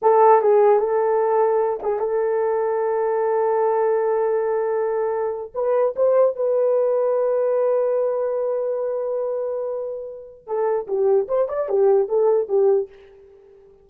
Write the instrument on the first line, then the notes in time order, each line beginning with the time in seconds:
horn
0.02 A4
0.41 G#4
0.79 A4
1.82 G#4
1.99 A4
5.54 B4
5.96 C5
6.36 B4
10.46 A4
10.87 G4
11.28 C5
11.48 D5
11.69 G4
12.08 A4
12.48 G4